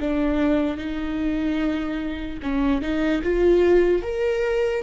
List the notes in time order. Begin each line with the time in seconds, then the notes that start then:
0.00 D4
0.77 D#4
2.42 C#4
2.81 D#4
3.22 F4
4.02 A#4